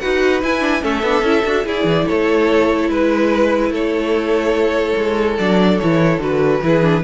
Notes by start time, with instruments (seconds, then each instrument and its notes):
0.00 cello D#4, viola F#4, violin B4 F#5
0.43 cello E4, viola E4, violin G#5
0.60 viola D4
0.81 cello A3, viola C#4, violin A4 E5
1.03 cello B3, viola D4
1.22 cello C#4, viola E4
1.45 cello D4, viola F#4
1.65 viola E4, cello E4, violin G#4 D5
1.85 cello E3
2.06 cello A3, violin A4 C#5
2.90 cello G#3, violin B4
3.70 cello A3, violin A4 C#5
4.97 cello G#3
5.38 cello F#3, viola D4, violin D5
5.79 cello E3, viola E4, violin C#5
6.19 cello D3, viola F#4, violin B4
6.63 cello E3, viola E4, violin G#4
6.83 viola D4